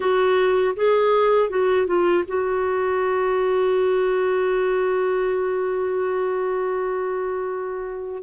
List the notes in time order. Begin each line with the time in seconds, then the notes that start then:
0.00 F#4
0.76 G#4
1.49 F#4
1.86 F4
2.27 F#4